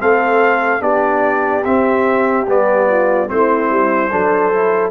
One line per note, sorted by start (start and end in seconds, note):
0.00 0.81 A3
0.00 0.80 C4
0.00 0.82 A4
0.00 0.82 F5
0.80 1.63 B3
0.80 1.62 D4
0.80 2.88 G4
0.80 1.64 D5
1.64 2.46 C4
1.64 2.47 C4
1.64 2.47 E5
2.47 3.29 G3
2.47 3.27 B3
2.47 3.29 D5
2.89 3.30 F4
3.27 3.70 A3
3.27 4.10 C4
3.27 4.12 E4
3.27 4.91 C5
3.70 4.11 G3
4.12 4.91 F#3
4.12 4.53 D4
4.12 4.91 A4
4.53 4.91 E4